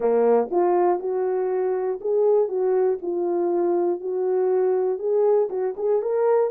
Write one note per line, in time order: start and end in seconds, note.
0.00 0.49 A#3
0.50 0.99 F4
0.99 1.99 F#4
2.00 2.48 G#4
2.48 2.98 F#4
3.02 4.00 F4
4.00 4.98 F#4
4.98 5.48 G#4
5.49 5.74 F#4
5.76 6.01 G#4
6.02 6.50 A#4